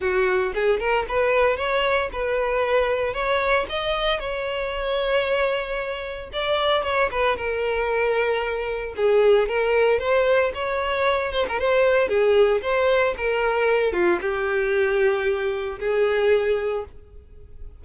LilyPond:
\new Staff \with { instrumentName = "violin" } { \time 4/4 \tempo 4 = 114 fis'4 gis'8 ais'8 b'4 cis''4 | b'2 cis''4 dis''4 | cis''1 | d''4 cis''8 b'8 ais'2~ |
ais'4 gis'4 ais'4 c''4 | cis''4. c''16 ais'16 c''4 gis'4 | c''4 ais'4. f'8 g'4~ | g'2 gis'2 | }